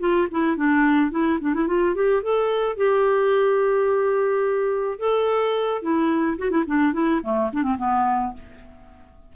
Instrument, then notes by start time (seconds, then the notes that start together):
clarinet
0.00 F4
0.31 E4
0.57 D4
1.11 E4
1.41 D4
1.54 E4
1.67 F4
1.95 G4
2.23 A4
2.77 G4
4.99 A4
5.82 E4
6.38 F#4
6.51 E4
6.67 D4
6.93 E4
7.23 A3
7.53 D4
7.63 C4
7.78 B3